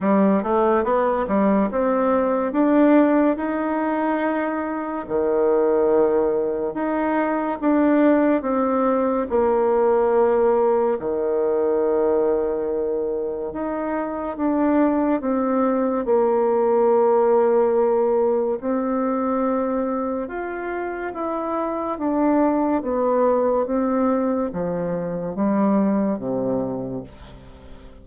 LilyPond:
\new Staff \with { instrumentName = "bassoon" } { \time 4/4 \tempo 4 = 71 g8 a8 b8 g8 c'4 d'4 | dis'2 dis2 | dis'4 d'4 c'4 ais4~ | ais4 dis2. |
dis'4 d'4 c'4 ais4~ | ais2 c'2 | f'4 e'4 d'4 b4 | c'4 f4 g4 c4 | }